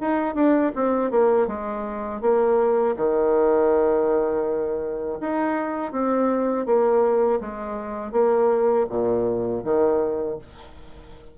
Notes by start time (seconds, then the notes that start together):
0.00 D#4
0.34 D4
0.75 C4
1.10 A#3
1.47 G#3
2.21 A#3
2.96 D#3
5.20 D#4
5.92 C4
6.66 A#3
7.40 G#3
8.11 A#3
8.89 A#2
9.64 D#3